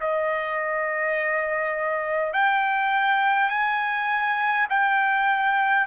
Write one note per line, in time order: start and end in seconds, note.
0.00 2.33 D#5
2.33 3.49 G5
3.49 4.67 G#5
4.69 5.87 G5